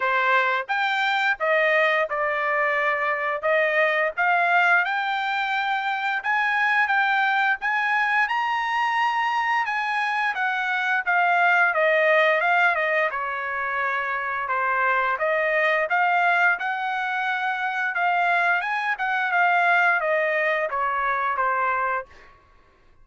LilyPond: \new Staff \with { instrumentName = "trumpet" } { \time 4/4 \tempo 4 = 87 c''4 g''4 dis''4 d''4~ | d''4 dis''4 f''4 g''4~ | g''4 gis''4 g''4 gis''4 | ais''2 gis''4 fis''4 |
f''4 dis''4 f''8 dis''8 cis''4~ | cis''4 c''4 dis''4 f''4 | fis''2 f''4 gis''8 fis''8 | f''4 dis''4 cis''4 c''4 | }